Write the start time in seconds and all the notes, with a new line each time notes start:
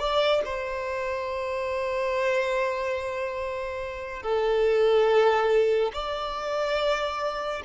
0.00 D5
0.46 C5
4.23 A4
5.94 D5